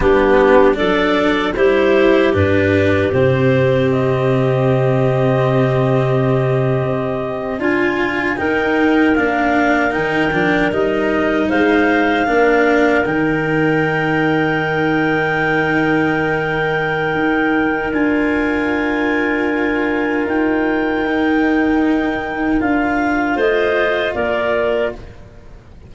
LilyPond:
<<
  \new Staff \with { instrumentName = "clarinet" } { \time 4/4 \tempo 4 = 77 g'4 d''4 c''4 b'4 | c''4 dis''2.~ | dis''4.~ dis''16 gis''4 g''4 f''16~ | f''8. g''4 dis''4 f''4~ f''16~ |
f''8. g''2.~ g''16~ | g''2. gis''4~ | gis''2 g''2~ | g''4 f''4 dis''4 d''4 | }
  \new Staff \with { instrumentName = "clarinet" } { \time 4/4 d'4 a'4 g'2~ | g'1~ | g'4.~ g'16 f'4 ais'4~ ais'16~ | ais'2~ ais'8. c''4 ais'16~ |
ais'1~ | ais'1~ | ais'1~ | ais'2 c''4 ais'4 | }
  \new Staff \with { instrumentName = "cello" } { \time 4/4 b4 d'4 e'4 d'4 | c'1~ | c'4.~ c'16 f'4 dis'4 d'16~ | d'8. dis'8 d'8 dis'2 d'16~ |
d'8. dis'2.~ dis'16~ | dis'2. f'4~ | f'2. dis'4~ | dis'4 f'2. | }
  \new Staff \with { instrumentName = "tuba" } { \time 4/4 g4 fis4 g4 g,4 | c1~ | c8. c'4 d'4 dis'4 ais16~ | ais8. dis8 f8 g4 gis4 ais16~ |
ais8. dis2.~ dis16~ | dis2 dis'4 d'4~ | d'2 dis'2~ | dis'4 d'4 a4 ais4 | }
>>